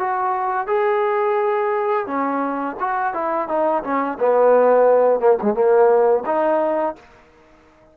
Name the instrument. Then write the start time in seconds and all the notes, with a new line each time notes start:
trombone
0.00 F#4
0.67 G#4
2.07 C#4
2.80 F#4
3.14 E4
3.49 D#4
3.84 C#4
4.20 B3
5.20 A#3
5.43 G#3
5.54 A#3
6.26 D#4